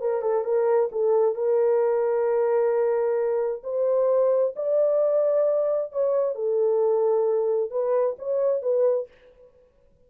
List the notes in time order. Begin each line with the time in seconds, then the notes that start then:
0.00 A#4
0.22 A4
0.44 A#4
0.92 A4
1.35 A#4
3.63 C5
4.56 D5
5.92 C#5
6.35 A4
7.71 B4
8.19 C#5
8.62 B4